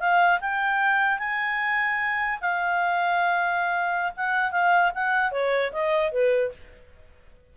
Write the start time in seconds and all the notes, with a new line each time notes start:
0.00 F5
0.41 G5
1.19 G#5
2.41 F5
4.17 F#5
4.52 F5
4.95 F#5
5.32 C#5
5.73 D#5
6.12 B4